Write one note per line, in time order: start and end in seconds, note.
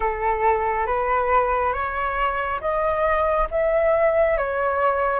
0.00 0.86 A4
0.86 1.73 B4
1.73 2.60 C#5
2.60 3.47 D#5
3.50 4.37 E5
4.37 5.20 C#5